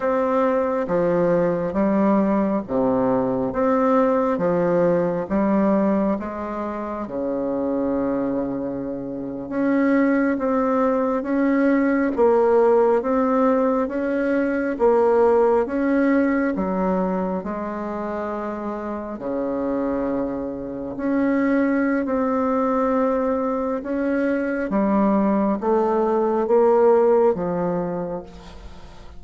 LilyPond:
\new Staff \with { instrumentName = "bassoon" } { \time 4/4 \tempo 4 = 68 c'4 f4 g4 c4 | c'4 f4 g4 gis4 | cis2~ cis8. cis'4 c'16~ | c'8. cis'4 ais4 c'4 cis'16~ |
cis'8. ais4 cis'4 fis4 gis16~ | gis4.~ gis16 cis2 cis'16~ | cis'4 c'2 cis'4 | g4 a4 ais4 f4 | }